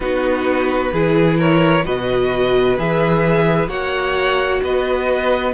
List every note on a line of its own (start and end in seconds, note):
0.00 0.92 B3
0.00 0.93 D#4
0.00 0.92 F#4
0.00 1.39 B4
0.92 1.85 E3
0.92 1.84 E4
0.92 1.38 G#4
1.38 1.84 A#4
1.38 1.85 C#5
1.84 2.78 B2
1.84 2.77 F#4
1.84 3.69 B4
1.84 2.78 D#5
2.78 3.68 E3
2.78 3.68 G#4
2.78 3.68 E5
3.68 4.60 A#3
3.68 5.52 F#4
3.68 4.61 C#5
3.68 4.61 F#5
4.62 5.54 B3
4.62 5.54 B4
4.62 5.54 D#5